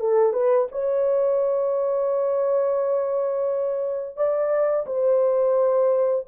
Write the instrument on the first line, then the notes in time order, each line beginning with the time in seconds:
horn
0.00 A4
0.33 B4
0.71 C#5
4.16 D5
4.86 C5